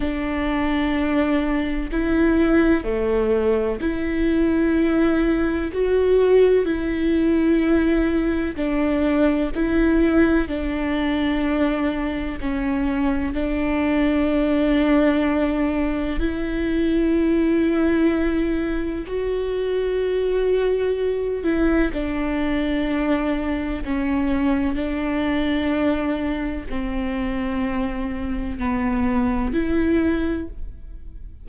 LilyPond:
\new Staff \with { instrumentName = "viola" } { \time 4/4 \tempo 4 = 63 d'2 e'4 a4 | e'2 fis'4 e'4~ | e'4 d'4 e'4 d'4~ | d'4 cis'4 d'2~ |
d'4 e'2. | fis'2~ fis'8 e'8 d'4~ | d'4 cis'4 d'2 | c'2 b4 e'4 | }